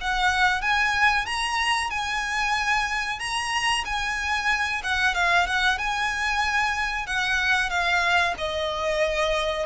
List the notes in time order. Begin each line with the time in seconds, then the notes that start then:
0.00 F#5
0.61 G#5
1.26 A#5
1.90 G#5
3.19 A#5
3.85 G#5
4.83 F#5
5.14 F5
5.46 F#5
5.78 G#5
7.06 F#5
7.69 F5
8.38 D#5